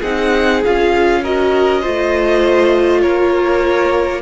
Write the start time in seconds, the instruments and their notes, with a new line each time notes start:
0.00 cello C4, viola D#4, violin G#4 F#5
0.65 cello C#4, viola F4, violin F5
1.23 viola F#4, violin A#4 D#5
1.81 cello A3, viola F4, violin C5
3.01 cello A#3, violin A#4 C#5